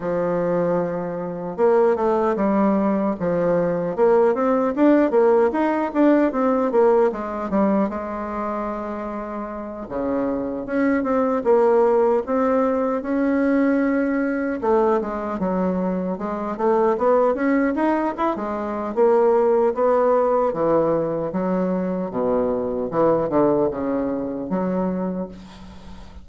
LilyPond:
\new Staff \with { instrumentName = "bassoon" } { \time 4/4 \tempo 4 = 76 f2 ais8 a8 g4 | f4 ais8 c'8 d'8 ais8 dis'8 d'8 | c'8 ais8 gis8 g8 gis2~ | gis8 cis4 cis'8 c'8 ais4 c'8~ |
c'8 cis'2 a8 gis8 fis8~ | fis8 gis8 a8 b8 cis'8 dis'8 e'16 gis8. | ais4 b4 e4 fis4 | b,4 e8 d8 cis4 fis4 | }